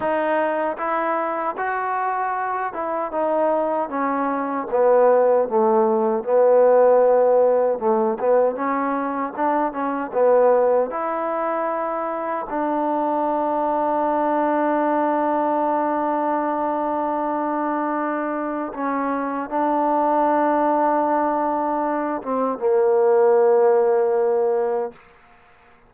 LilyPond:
\new Staff \with { instrumentName = "trombone" } { \time 4/4 \tempo 4 = 77 dis'4 e'4 fis'4. e'8 | dis'4 cis'4 b4 a4 | b2 a8 b8 cis'4 | d'8 cis'8 b4 e'2 |
d'1~ | d'1 | cis'4 d'2.~ | d'8 c'8 ais2. | }